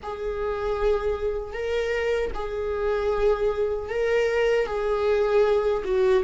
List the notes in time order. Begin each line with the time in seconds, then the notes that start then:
0.02 G#4
1.53 A#4
2.34 G#4
3.89 A#4
4.66 G#4
5.84 F#4